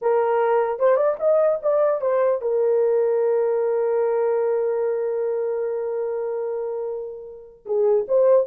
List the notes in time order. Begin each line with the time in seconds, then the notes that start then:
0.01 A#4
0.79 C5
0.96 D5
1.19 D#5
1.62 D5
2.01 C5
2.41 A#4
7.65 G#4
8.08 C5